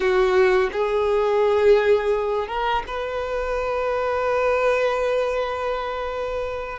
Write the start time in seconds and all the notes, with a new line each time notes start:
0.00 F#4
0.72 G#4
2.47 A#4
2.87 B4